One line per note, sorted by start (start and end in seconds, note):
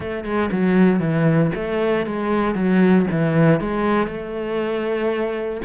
0.00 0.24 A3
0.24 0.50 G#3
0.51 0.99 F#3
0.99 1.51 E3
1.54 2.05 A3
2.05 2.55 G#3
2.55 3.06 F#3
3.10 3.60 E3
3.60 4.07 G#3
4.07 5.61 A3